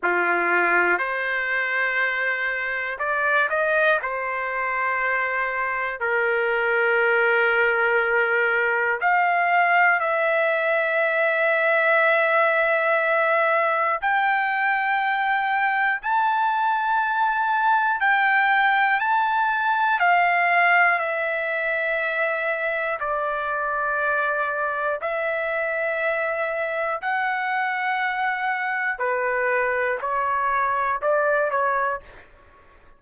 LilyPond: \new Staff \with { instrumentName = "trumpet" } { \time 4/4 \tempo 4 = 60 f'4 c''2 d''8 dis''8 | c''2 ais'2~ | ais'4 f''4 e''2~ | e''2 g''2 |
a''2 g''4 a''4 | f''4 e''2 d''4~ | d''4 e''2 fis''4~ | fis''4 b'4 cis''4 d''8 cis''8 | }